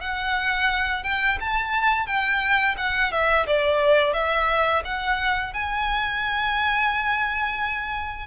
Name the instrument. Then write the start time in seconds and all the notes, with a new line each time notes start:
violin
0.00 F#5
1.03 G5
1.40 A5
2.06 G5
2.77 F#5
3.12 E5
3.46 D5
4.13 E5
4.84 F#5
5.53 G#5